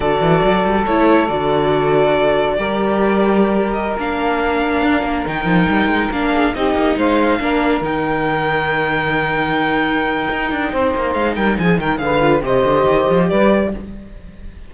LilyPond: <<
  \new Staff \with { instrumentName = "violin" } { \time 4/4 \tempo 4 = 140 d''2 cis''4 d''4~ | d''1~ | d''8. dis''8 f''2~ f''8.~ | f''16 g''2 f''4 dis''8.~ |
dis''16 f''2 g''4.~ g''16~ | g''1~ | g''2 f''8 g''8 gis''8 g''8 | f''4 dis''2 d''4 | }
  \new Staff \with { instrumentName = "saxophone" } { \time 4/4 a'1~ | a'2 ais'2~ | ais'1~ | ais'2~ ais'8. gis'8 g'8.~ |
g'16 c''4 ais'2~ ais'8.~ | ais'1~ | ais'4 c''4. ais'8 gis'8 ais'8 | b'4 c''2 b'4 | }
  \new Staff \with { instrumentName = "viola" } { \time 4/4 fis'2 e'4 fis'4~ | fis'2 g'2~ | g'4~ g'16 d'2~ d'8.~ | d'16 dis'2 d'4 dis'8.~ |
dis'4~ dis'16 d'4 dis'4.~ dis'16~ | dis'1~ | dis'1 | gis'8 f'8 g'2. | }
  \new Staff \with { instrumentName = "cello" } { \time 4/4 d8 e8 fis8 g8 a4 d4~ | d2 g2~ | g4~ g16 ais2 d'8 ais16~ | ais16 dis8 f8 g8 gis8 ais4 c'8 ais16~ |
ais16 gis4 ais4 dis4.~ dis16~ | dis1 | dis'8 d'8 c'8 ais8 gis8 g8 f8 dis8 | d4 c8 d8 dis8 f8 g4 | }
>>